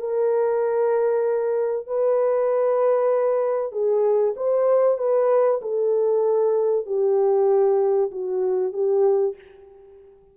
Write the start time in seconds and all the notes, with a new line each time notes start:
0.00 A#4
1.87 B4
3.72 G#4
4.37 C5
4.98 B4
5.62 A4
6.86 G4
8.11 F#4
8.73 G4